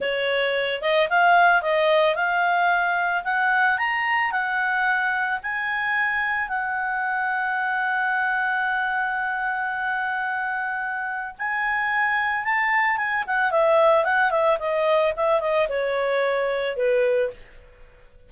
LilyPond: \new Staff \with { instrumentName = "clarinet" } { \time 4/4 \tempo 4 = 111 cis''4. dis''8 f''4 dis''4 | f''2 fis''4 ais''4 | fis''2 gis''2 | fis''1~ |
fis''1~ | fis''4 gis''2 a''4 | gis''8 fis''8 e''4 fis''8 e''8 dis''4 | e''8 dis''8 cis''2 b'4 | }